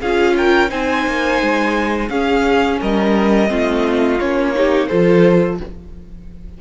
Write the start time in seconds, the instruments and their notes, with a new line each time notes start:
0.00 cello C#4, viola F4, violin G#4 F5
0.37 violin A#4 G5
0.69 cello C4, viola D#4, violin C5 G#5
1.07 cello A#3
1.42 cello G#3
2.09 cello C#4, viola C#4, violin G#4 F5
2.81 cello G3, violin A#4 D#5
3.48 cello A3, viola C4, violin F4
4.19 cello A#3, viola C#4, violin C#5
4.55 viola D#4, violin G4
4.88 cello F3, viola F4, violin A4 C5